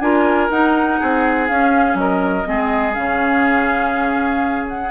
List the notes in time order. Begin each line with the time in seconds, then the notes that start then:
0.00 D4 F4 A#4 G#5
0.50 D#4 F#5
1.00 C4 G#4
1.48 C#4 F5
1.94 F#3 A#4 D#5
2.45 G#3 C4 G#4
2.94 C#3 C#4 F5
4.68 F#5